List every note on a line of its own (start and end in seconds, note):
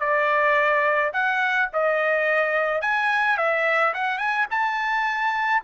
0.00 1.12 D5
1.13 1.69 F#5
1.73 2.82 D#5
2.82 3.38 G#5
3.38 3.94 E5
3.94 4.18 F#5
4.18 4.46 G#5
4.51 5.63 A5